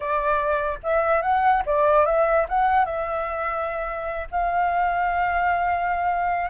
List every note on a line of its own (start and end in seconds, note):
0.00 0.78 D5
0.83 1.22 E5
1.22 1.62 F#5
1.66 2.05 D5
2.05 2.46 E5
2.48 2.85 F#5
2.85 4.28 E5
4.31 6.50 F5